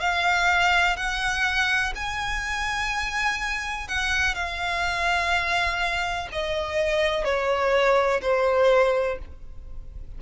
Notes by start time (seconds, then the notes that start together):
0.00 F5
0.97 F#5
1.96 G#5
3.88 F#5
4.35 F5
6.32 D#5
7.24 C#5
8.22 C5